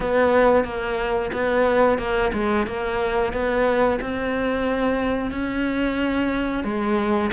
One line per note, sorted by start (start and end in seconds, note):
0.00 0.64 B3
0.64 1.31 A#3
1.32 1.98 B3
1.98 2.32 A#3
2.33 2.66 G#3
2.67 3.32 A#3
3.32 3.99 B3
4.01 5.31 C4
5.31 6.64 C#4
6.64 7.30 G#3